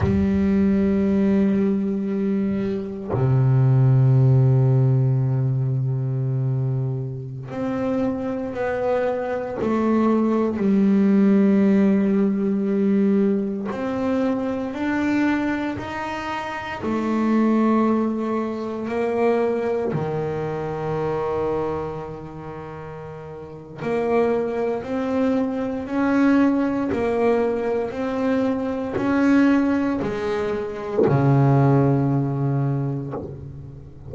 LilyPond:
\new Staff \with { instrumentName = "double bass" } { \time 4/4 \tempo 4 = 58 g2. c4~ | c2.~ c16 c'8.~ | c'16 b4 a4 g4.~ g16~ | g4~ g16 c'4 d'4 dis'8.~ |
dis'16 a2 ais4 dis8.~ | dis2. ais4 | c'4 cis'4 ais4 c'4 | cis'4 gis4 cis2 | }